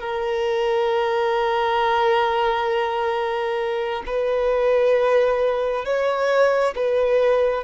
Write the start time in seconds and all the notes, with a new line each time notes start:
0.00 A#4
4.06 B4
5.85 C#5
6.75 B4